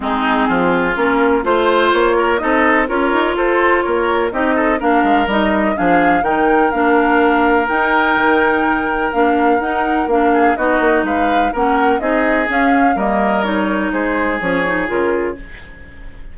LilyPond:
<<
  \new Staff \with { instrumentName = "flute" } { \time 4/4 \tempo 4 = 125 gis'2 ais'4 c''4 | cis''4 dis''4 cis''4 c''4 | cis''4 dis''4 f''4 dis''4 | f''4 g''4 f''2 |
g''2. f''4 | fis''4 f''4 dis''4 f''4 | fis''4 dis''4 f''4 dis''4 | cis''4 c''4 cis''4 ais'4 | }
  \new Staff \with { instrumentName = "oboe" } { \time 4/4 dis'4 f'2 c''4~ | c''8 ais'8 a'4 ais'4 a'4 | ais'4 g'8 a'8 ais'2 | gis'4 ais'2.~ |
ais'1~ | ais'4. gis'8 fis'4 b'4 | ais'4 gis'2 ais'4~ | ais'4 gis'2. | }
  \new Staff \with { instrumentName = "clarinet" } { \time 4/4 c'2 cis'4 f'4~ | f'4 dis'4 f'2~ | f'4 dis'4 d'4 dis'4 | d'4 dis'4 d'2 |
dis'2. d'4 | dis'4 d'4 dis'2 | cis'4 dis'4 cis'4 ais4 | dis'2 cis'8 dis'8 f'4 | }
  \new Staff \with { instrumentName = "bassoon" } { \time 4/4 gis4 f4 ais4 a4 | ais4 c'4 cis'8 dis'8 f'4 | ais4 c'4 ais8 gis8 g4 | f4 dis4 ais2 |
dis'4 dis2 ais4 | dis'4 ais4 b8 ais8 gis4 | ais4 c'4 cis'4 g4~ | g4 gis4 f4 cis4 | }
>>